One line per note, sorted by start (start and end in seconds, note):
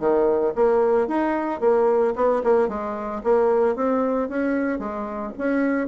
0.00 0.54 D#3
0.56 1.08 A#3
1.08 1.61 D#4
1.61 2.14 A#3
2.16 2.43 B3
2.44 2.69 A#3
2.69 3.22 G#3
3.24 3.76 A#3
3.76 4.29 C4
4.29 4.79 C#4
4.79 5.33 G#3
5.38 5.88 C#4